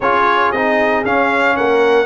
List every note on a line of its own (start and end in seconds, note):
0.00 0.52 C#4
0.00 0.54 F4
0.00 1.55 G#4
0.00 0.52 C#5
0.52 1.04 C4
0.52 1.05 D#4
0.52 1.04 D#5
1.05 1.57 C#4
1.05 2.05 C#4
1.05 1.56 F5
1.56 2.05 A#3
1.56 2.05 A#4
1.56 2.05 F#5